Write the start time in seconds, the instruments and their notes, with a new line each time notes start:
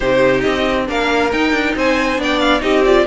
0.00 cello C3, viola D#4, violin G4 C5
0.40 cello C4, violin D#5
0.86 cello A#3, viola D4, violin A#4 F5
1.31 viola D#4, cello D#4, violin G5
1.52 cello D4
1.75 cello C4, violin C5 G#5
2.17 cello B3, viola D4, violin D5 G5
2.39 violin F5
2.59 cello C4, viola D#4, violin G4 D#5
2.85 viola F4, violin D5